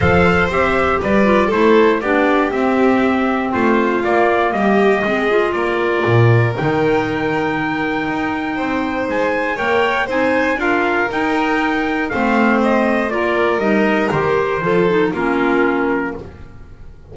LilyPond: <<
  \new Staff \with { instrumentName = "trumpet" } { \time 4/4 \tempo 4 = 119 f''4 e''4 d''4 c''4 | d''4 e''2 c''4 | d''4 dis''2 d''4~ | d''4 g''2.~ |
g''2 gis''4 g''4 | gis''4 f''4 g''2 | f''4 dis''4 d''4 dis''4 | c''2 ais'2 | }
  \new Staff \with { instrumentName = "violin" } { \time 4/4 c''2 b'4 a'4 | g'2. f'4~ | f'4 g'4 gis'4 ais'4~ | ais'1~ |
ais'4 c''2 cis''4 | c''4 ais'2. | c''2 ais'2~ | ais'4 a'4 f'2 | }
  \new Staff \with { instrumentName = "clarinet" } { \time 4/4 a'4 g'4. f'8 e'4 | d'4 c'2. | ais2 c'8 f'4.~ | f'4 dis'2.~ |
dis'2. ais'4 | dis'4 f'4 dis'2 | c'2 f'4 dis'4 | g'4 f'8 dis'8 cis'2 | }
  \new Staff \with { instrumentName = "double bass" } { \time 4/4 f4 c'4 g4 a4 | b4 c'2 a4 | ais4 g4 gis4 ais4 | ais,4 dis2. |
dis'4 c'4 gis4 ais4 | c'4 d'4 dis'2 | a2 ais4 g4 | dis4 f4 ais2 | }
>>